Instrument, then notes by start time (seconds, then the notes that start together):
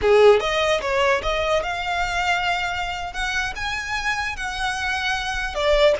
violin
0.01 G#4
0.40 D#5
0.81 C#5
1.22 D#5
1.62 F5
3.13 F#5
3.55 G#5
4.36 F#5
5.54 D5